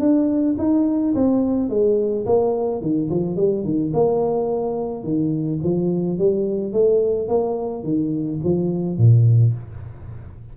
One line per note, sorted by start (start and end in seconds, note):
0.00 0.56 D4
0.58 1.14 D#4
1.15 1.69 C4
1.69 2.26 G#3
2.26 2.81 A#3
2.81 3.09 D#3
3.11 3.37 F3
3.37 3.64 G3
3.64 3.93 D#3
3.94 5.04 A#3
5.04 5.60 D#3
5.64 6.19 F3
6.19 6.73 G3
6.73 7.28 A3
7.28 7.84 A#3
7.84 8.40 D#3
8.44 8.98 F3
8.98 9.54 A#2